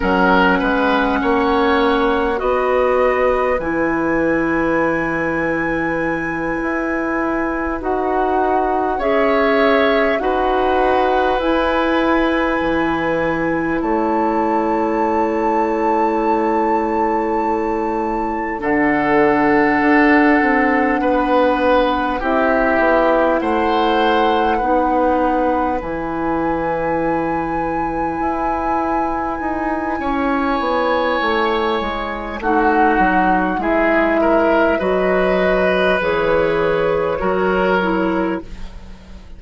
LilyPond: <<
  \new Staff \with { instrumentName = "flute" } { \time 4/4 \tempo 4 = 50 fis''2 dis''4 gis''4~ | gis''2~ gis''8 fis''4 e''8~ | e''8 fis''4 gis''2 a''8~ | a''2.~ a''8 fis''8~ |
fis''2~ fis''8 e''4 fis''8~ | fis''4. gis''2~ gis''8~ | gis''2. fis''4 | e''4 dis''4 cis''2 | }
  \new Staff \with { instrumentName = "oboe" } { \time 4/4 ais'8 b'8 cis''4 b'2~ | b'2.~ b'8 cis''8~ | cis''8 b'2. cis''8~ | cis''2.~ cis''8 a'8~ |
a'4. b'4 g'4 c''8~ | c''8 b'2.~ b'8~ | b'4 cis''2 fis'4 | gis'8 ais'8 b'2 ais'4 | }
  \new Staff \with { instrumentName = "clarinet" } { \time 4/4 cis'2 fis'4 e'4~ | e'2~ e'8 fis'4 gis'8~ | gis'8 fis'4 e'2~ e'8~ | e'2.~ e'8 d'8~ |
d'2~ d'8 e'4.~ | e'8 dis'4 e'2~ e'8~ | e'2. dis'4 | e'4 fis'4 gis'4 fis'8 e'8 | }
  \new Staff \with { instrumentName = "bassoon" } { \time 4/4 fis8 gis8 ais4 b4 e4~ | e4. e'4 dis'4 cis'8~ | cis'8 dis'4 e'4 e4 a8~ | a2.~ a8 d8~ |
d8 d'8 c'8 b4 c'8 b8 a8~ | a8 b4 e2 e'8~ | e'8 dis'8 cis'8 b8 a8 gis8 a8 fis8 | gis4 fis4 e4 fis4 | }
>>